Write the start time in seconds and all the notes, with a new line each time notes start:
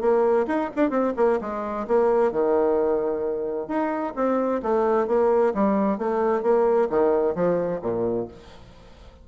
0.00 A#3
0.47 D#4
0.75 D4
0.90 C4
1.16 A#3
1.41 G#3
1.87 A#3
2.32 D#3
3.67 D#4
4.16 C4
4.62 A3
5.07 A#3
5.54 G3
5.98 A3
6.42 A#3
6.89 D#3
7.34 F3
7.82 A#2